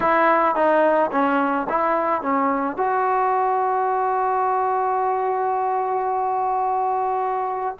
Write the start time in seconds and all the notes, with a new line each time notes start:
0.00 E4
0.55 D#4
1.11 C#4
1.69 E4
2.21 C#4
2.76 F#4